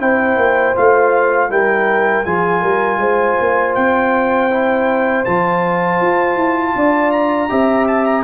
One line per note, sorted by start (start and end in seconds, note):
0.00 0.37 C4
0.00 0.75 E4
0.00 1.51 C5
0.00 0.76 G5
0.37 0.74 A#3
0.75 1.50 A3
0.75 1.50 F4
0.75 1.51 F5
1.50 2.25 G3
1.50 2.25 E4
1.50 2.27 A#4
1.50 2.25 G5
2.25 2.62 F3
2.25 4.51 F4
2.25 2.61 G#4
2.25 3.75 G#5
2.61 2.98 G3
2.61 2.99 A#4
2.98 3.35 G#3
2.98 6.75 C5
3.40 3.77 A#3
3.75 5.27 C4
3.75 5.25 G5
4.51 5.26 E4
5.25 6.01 F3
5.25 7.49 F4
5.25 7.12 A5
6.01 6.36 F4
6.36 6.74 E4
6.75 7.50 D4
6.75 7.50 D5
7.12 7.87 A#5
7.49 8.24 C4
7.49 8.24 G4
7.49 8.24 E5
7.88 8.05 A5
8.05 8.24 A#5